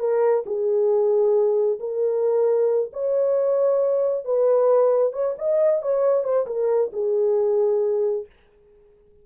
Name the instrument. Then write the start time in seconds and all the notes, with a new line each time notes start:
horn
0.00 A#4
0.46 G#4
1.80 A#4
2.93 C#5
4.25 B4
5.13 C#5
5.38 D#5
5.82 C#5
6.24 C5
6.47 A#4
6.93 G#4